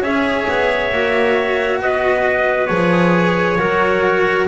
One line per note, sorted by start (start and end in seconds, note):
0.00 0.46 C#4
0.00 0.92 G#4
0.00 1.79 C#5
0.00 1.82 E5
0.48 0.92 B3
0.92 1.81 A#3
0.92 2.69 F#4
1.81 2.70 B3
1.81 3.57 B4
1.81 2.66 D#5
2.66 3.59 F3
2.66 3.58 G#4
2.66 4.45 C#5
3.57 4.48 F#3
3.57 4.48 F#4
3.57 4.47 A#4